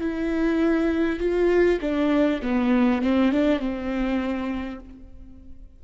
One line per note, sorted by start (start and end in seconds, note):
0.00 1.19 E4
1.19 1.79 F4
1.81 2.41 D4
2.42 3.01 B3
3.01 3.31 C4
3.31 3.59 D4
3.59 4.79 C4